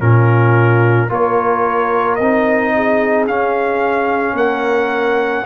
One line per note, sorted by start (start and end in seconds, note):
0.00 1.10 A#2
0.00 1.09 C#4
0.00 1.09 F4
0.00 1.10 A#4
1.09 2.19 A#3
1.09 2.18 F4
1.09 2.73 A#4
1.09 2.16 C#5
2.16 3.27 C4
2.16 3.25 D#5
2.22 3.28 D#4
2.75 4.35 G#4
3.27 4.34 C#4
3.27 5.45 C#4
3.27 4.37 F5
4.34 5.43 A#3
4.34 5.44 A#4
4.34 5.45 F#5